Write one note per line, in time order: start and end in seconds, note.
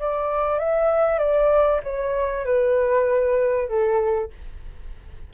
0.00 0.60 D5
0.60 1.19 E5
1.19 1.81 D5
1.84 2.46 C#5
2.46 3.69 B4
3.69 4.30 A4